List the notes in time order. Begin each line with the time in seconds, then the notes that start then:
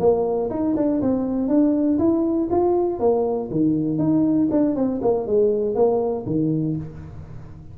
0.00 A#3
0.50 D#4
0.76 D4
1.02 C4
1.48 D4
1.99 E4
2.51 F4
3.00 A#3
3.51 D#3
3.98 D#4
4.51 D4
4.76 C4
5.02 A#3
5.27 G#3
5.75 A#3
6.27 D#3